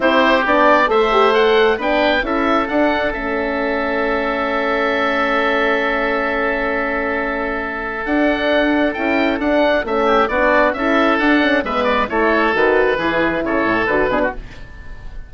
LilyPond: <<
  \new Staff \with { instrumentName = "oboe" } { \time 4/4 \tempo 4 = 134 c''4 d''4 e''4 fis''4 | g''4 e''4 fis''4 e''4~ | e''1~ | e''1~ |
e''2 fis''2 | g''4 fis''4 e''4 d''4 | e''4 fis''4 e''8 d''8 cis''4 | b'2 cis''4 b'4 | }
  \new Staff \with { instrumentName = "oboe" } { \time 4/4 g'2 c''2 | b'4 a'2.~ | a'1~ | a'1~ |
a'1~ | a'2~ a'8 g'8 fis'4 | a'2 b'4 a'4~ | a'4 gis'4 a'4. gis'16 fis'16 | }
  \new Staff \with { instrumentName = "horn" } { \time 4/4 e'4 d'4 a'8 g'8 a'4 | d'4 e'4 d'4 cis'4~ | cis'1~ | cis'1~ |
cis'2 d'2 | e'4 d'4 cis'4 d'4 | e'4 d'8 cis'8 b4 e'4 | fis'4 e'2 fis'8 d'8 | }
  \new Staff \with { instrumentName = "bassoon" } { \time 4/4 c'4 b4 a2 | b4 cis'4 d'4 a4~ | a1~ | a1~ |
a2 d'2 | cis'4 d'4 a4 b4 | cis'4 d'4 gis4 a4 | dis4 e4 cis8 a,8 d8 b,8 | }
>>